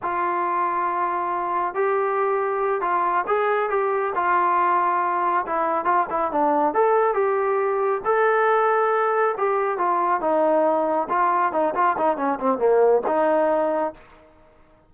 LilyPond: \new Staff \with { instrumentName = "trombone" } { \time 4/4 \tempo 4 = 138 f'1 | g'2~ g'8 f'4 gis'8~ | gis'8 g'4 f'2~ f'8~ | f'8 e'4 f'8 e'8 d'4 a'8~ |
a'8 g'2 a'4.~ | a'4. g'4 f'4 dis'8~ | dis'4. f'4 dis'8 f'8 dis'8 | cis'8 c'8 ais4 dis'2 | }